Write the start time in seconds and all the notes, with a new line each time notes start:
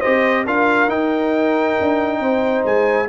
0.00 C4 G4 C5 D#5
0.45 D4 F4 A#4 F5
0.88 D#4 G5
1.80 D4
2.20 C4 C5
2.65 G#3 G#5